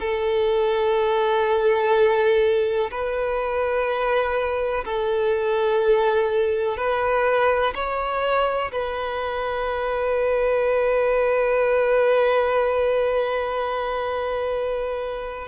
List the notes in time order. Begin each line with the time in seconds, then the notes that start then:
0.00 A4
2.91 B4
4.84 A4
6.77 B4
7.75 C#5
8.72 B4